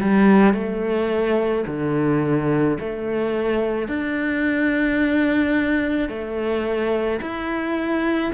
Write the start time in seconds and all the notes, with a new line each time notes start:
0.00 G3
0.53 A3
1.67 D3
2.79 A3
3.87 D4
6.08 A3
7.21 E4